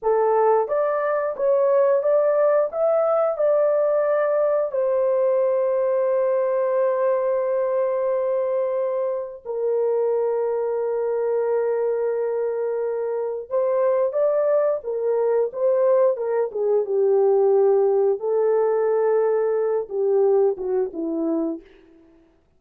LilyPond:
\new Staff \with { instrumentName = "horn" } { \time 4/4 \tempo 4 = 89 a'4 d''4 cis''4 d''4 | e''4 d''2 c''4~ | c''1~ | c''2 ais'2~ |
ais'1 | c''4 d''4 ais'4 c''4 | ais'8 gis'8 g'2 a'4~ | a'4. g'4 fis'8 e'4 | }